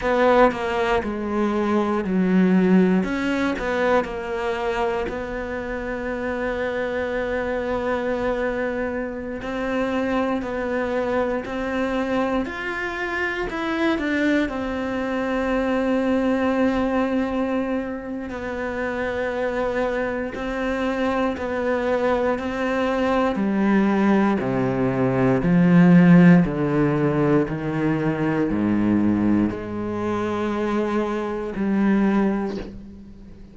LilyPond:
\new Staff \with { instrumentName = "cello" } { \time 4/4 \tempo 4 = 59 b8 ais8 gis4 fis4 cis'8 b8 | ais4 b2.~ | b4~ b16 c'4 b4 c'8.~ | c'16 f'4 e'8 d'8 c'4.~ c'16~ |
c'2 b2 | c'4 b4 c'4 g4 | c4 f4 d4 dis4 | gis,4 gis2 g4 | }